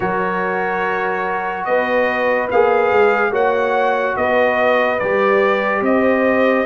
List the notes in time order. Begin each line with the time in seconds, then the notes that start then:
0.00 F#3 F#4 A#4 C#5
1.64 B3 B4 D#5
2.50 A#3 G#4 F5
2.91 G#3
3.31 A#3 F#4 C#5 F#5
4.16 B3 B4 D#5
4.99 G3 G4 D5
5.81 C4 C5 D#5